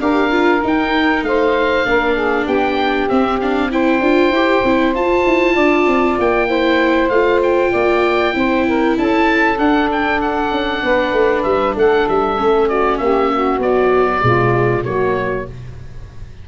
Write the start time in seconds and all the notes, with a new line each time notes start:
0.00 D4 G4 A#4 F5
0.30 F4
0.62 D#4 G5
1.23 A3 C5 F5
1.85 A#3 D4 A#4
2.14 G#4
2.45 B3 G4 G5
3.09 C4 E5
3.40 D4 F5
3.71 E4 C5 G5
4.01 D4 F4
4.30 E4 G4
4.64 C4 E4
4.94 F4 A5
5.26 E4
5.55 D4 D5
5.87 C4
6.18 A#3 G5
6.49 E4 C5
7.09 A3 F4 F5
7.43 G5
7.72 A#3 D5
8.33 C4 E4 C5
8.66 A#4
8.98 C#4 A4 A5
9.57 D4 F#5
9.92 G5
10.21 F#5
10.51 C#4
10.83 B3 B4
11.12 A3
11.43 G3 E5
11.76 A3 A4 F#5
12.09 G3 E5
12.37 A3 C#4
12.68 F#4 D5
12.98 A#3 G4 E5
13.34 F#4
13.58 F#3 B3 D5
14.21 B2 G#3 F4
14.84 F#3 A#3 F#4 C#5